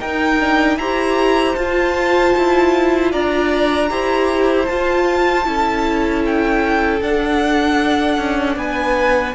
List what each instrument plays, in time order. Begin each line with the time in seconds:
0.00 viola D#4, cello D#4, violin A#4 G5
0.40 viola D4
0.77 cello E4, viola G4, violin C5 A#5
1.56 cello F4, viola F4, violin A5
2.38 cello E4
3.12 cello D4, violin D5 A#5
3.89 cello E4, viola G4, violin C5
4.66 viola F4, cello F4, violin A5
5.45 cello C#4, viola E4, violin A4
6.26 violin G5
7.01 cello D4, viola D4, violin F#5
8.18 cello C#4
8.57 cello B3, violin B4 G#5